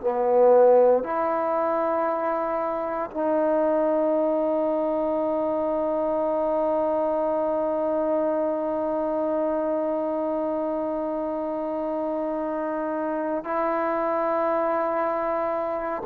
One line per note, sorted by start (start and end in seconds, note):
0.00 1.03 B3
1.03 3.10 E4
3.11 13.43 D#4
13.43 16.02 E4